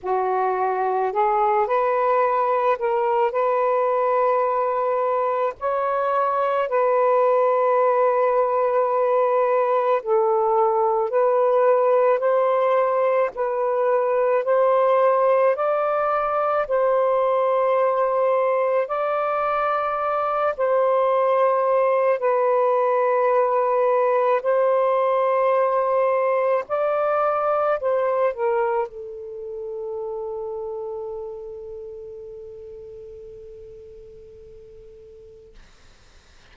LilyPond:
\new Staff \with { instrumentName = "saxophone" } { \time 4/4 \tempo 4 = 54 fis'4 gis'8 b'4 ais'8 b'4~ | b'4 cis''4 b'2~ | b'4 a'4 b'4 c''4 | b'4 c''4 d''4 c''4~ |
c''4 d''4. c''4. | b'2 c''2 | d''4 c''8 ais'8 a'2~ | a'1 | }